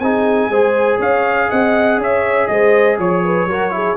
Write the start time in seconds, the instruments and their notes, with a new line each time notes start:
0.00 tuba C4, trombone D#4, horn G#4, trumpet G#5
0.49 tuba G#3, trombone G#4, horn C5
0.99 tuba C#4, horn C#5, trumpet F5
1.50 tuba C4, horn D#5, trumpet F#5
1.98 tuba C#4, horn C#5, trumpet E5
2.48 tuba G#3, horn C5, trumpet D#5
2.98 tuba F3, horn C#5, trumpet C#5
3.24 horn B4
3.46 tuba F#3, trombone F#4, horn A#4
3.71 trombone E4, horn G#4